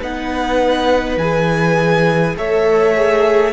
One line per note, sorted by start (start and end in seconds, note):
0.00 1.17 B3
0.00 1.19 D#4
0.00 2.35 B4
0.00 1.18 F#5
1.17 2.35 E3
1.17 2.37 G#4
1.17 2.36 G#5
2.37 3.52 A3
2.37 2.94 A4
2.37 3.52 C#5
2.37 3.52 E5
2.94 3.52 G#4